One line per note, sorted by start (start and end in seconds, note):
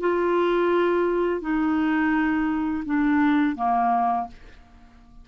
0.00 1.41 F4
1.41 2.83 D#4
2.85 3.56 D4
3.56 4.27 A#3